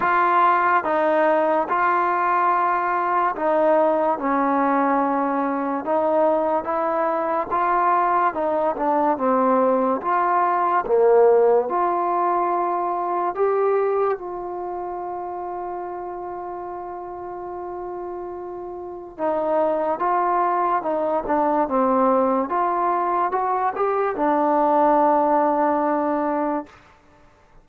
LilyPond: \new Staff \with { instrumentName = "trombone" } { \time 4/4 \tempo 4 = 72 f'4 dis'4 f'2 | dis'4 cis'2 dis'4 | e'4 f'4 dis'8 d'8 c'4 | f'4 ais4 f'2 |
g'4 f'2.~ | f'2. dis'4 | f'4 dis'8 d'8 c'4 f'4 | fis'8 g'8 d'2. | }